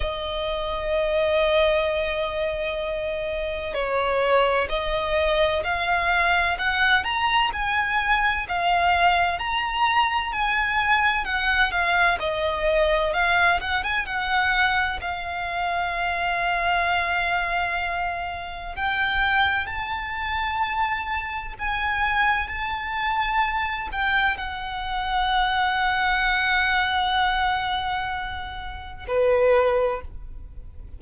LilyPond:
\new Staff \with { instrumentName = "violin" } { \time 4/4 \tempo 4 = 64 dis''1 | cis''4 dis''4 f''4 fis''8 ais''8 | gis''4 f''4 ais''4 gis''4 | fis''8 f''8 dis''4 f''8 fis''16 gis''16 fis''4 |
f''1 | g''4 a''2 gis''4 | a''4. g''8 fis''2~ | fis''2. b'4 | }